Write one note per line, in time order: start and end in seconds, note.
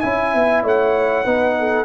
0.00 0.34 C#4
0.00 1.25 E4
0.00 0.64 E5
0.00 0.62 G#5
0.34 0.64 B3
0.64 1.26 A3
0.64 1.25 C#5
0.64 1.85 F#5
1.25 1.85 B3
1.25 1.85 D#4
1.25 1.56 B4
1.59 1.85 A4